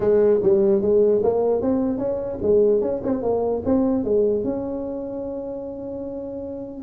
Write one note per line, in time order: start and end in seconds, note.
0.00 0.40 G#3
0.42 0.81 G3
0.81 1.22 G#3
1.23 1.61 A#3
1.61 1.97 C4
1.97 2.38 C#4
2.41 2.81 G#3
2.81 3.01 C#4
3.03 3.22 C4
3.22 3.62 A#3
3.65 4.03 C4
4.03 4.43 G#3
4.43 6.83 C#4